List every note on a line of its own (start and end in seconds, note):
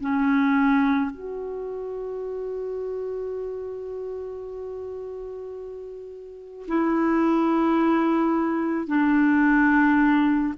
0.00 1.10 C#4
1.10 6.66 F#4
6.67 8.87 E4
8.87 10.54 D4